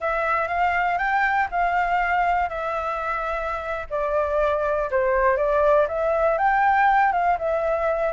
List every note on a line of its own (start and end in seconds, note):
0.00 0.48 E5
0.48 0.97 F5
0.97 1.47 G5
1.50 2.49 F5
2.49 3.86 E5
3.90 4.90 D5
4.90 5.36 C5
5.36 5.86 D5
5.88 6.38 E5
6.38 7.12 G5
7.12 7.37 F5
7.38 8.12 E5